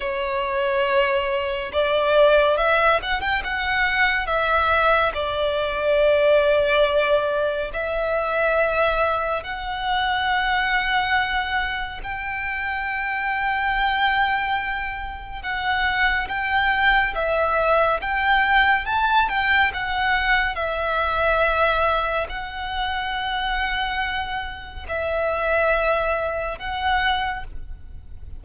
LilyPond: \new Staff \with { instrumentName = "violin" } { \time 4/4 \tempo 4 = 70 cis''2 d''4 e''8 fis''16 g''16 | fis''4 e''4 d''2~ | d''4 e''2 fis''4~ | fis''2 g''2~ |
g''2 fis''4 g''4 | e''4 g''4 a''8 g''8 fis''4 | e''2 fis''2~ | fis''4 e''2 fis''4 | }